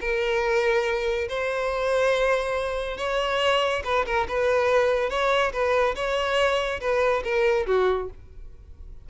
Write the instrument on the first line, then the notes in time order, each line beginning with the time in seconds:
violin
0.00 A#4
1.28 C5
2.97 C#5
3.84 B4
4.05 A#4
4.28 B4
5.09 C#5
5.52 B4
5.95 C#5
6.80 B4
7.23 A#4
7.66 F#4